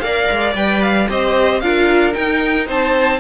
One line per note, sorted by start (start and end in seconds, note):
0.00 0.29 A#3
0.00 0.55 A#4
0.00 1.09 D5
0.00 0.53 F5
0.31 0.55 G#3
0.55 1.08 G3
0.55 1.08 B4
0.55 0.82 G5
0.82 1.08 F5
1.08 1.62 C4
1.08 1.61 G4
1.08 1.62 C5
1.08 1.60 D#5
1.60 2.15 D4
1.60 2.12 F4
1.60 2.67 A#4
1.60 2.13 F5
2.12 3.18 D#4
2.12 2.68 D#4
2.12 2.67 G5
2.67 3.20 C4
2.67 3.20 C5
2.67 3.20 A5